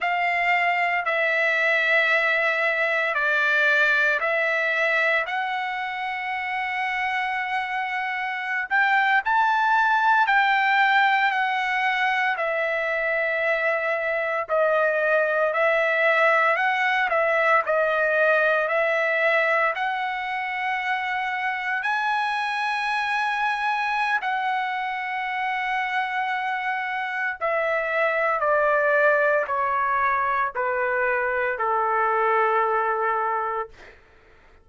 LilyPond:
\new Staff \with { instrumentName = "trumpet" } { \time 4/4 \tempo 4 = 57 f''4 e''2 d''4 | e''4 fis''2.~ | fis''16 g''8 a''4 g''4 fis''4 e''16~ | e''4.~ e''16 dis''4 e''4 fis''16~ |
fis''16 e''8 dis''4 e''4 fis''4~ fis''16~ | fis''8. gis''2~ gis''16 fis''4~ | fis''2 e''4 d''4 | cis''4 b'4 a'2 | }